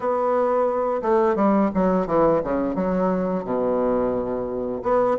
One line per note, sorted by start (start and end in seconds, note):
0.00 1.01 B3
1.02 1.35 A3
1.35 1.70 G3
1.74 2.06 F#3
2.06 2.41 E3
2.43 2.75 C#3
2.75 3.44 F#3
3.44 4.82 B2
4.82 5.17 B3